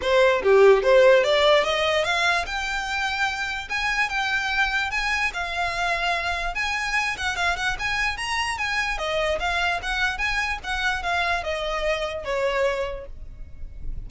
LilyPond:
\new Staff \with { instrumentName = "violin" } { \time 4/4 \tempo 4 = 147 c''4 g'4 c''4 d''4 | dis''4 f''4 g''2~ | g''4 gis''4 g''2 | gis''4 f''2. |
gis''4. fis''8 f''8 fis''8 gis''4 | ais''4 gis''4 dis''4 f''4 | fis''4 gis''4 fis''4 f''4 | dis''2 cis''2 | }